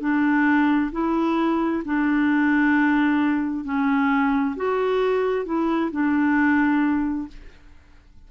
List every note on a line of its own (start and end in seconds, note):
0.00 0.91 D4
0.92 1.83 E4
1.85 3.65 D4
3.65 4.56 C#4
4.56 5.45 F#4
5.45 5.91 E4
5.91 7.28 D4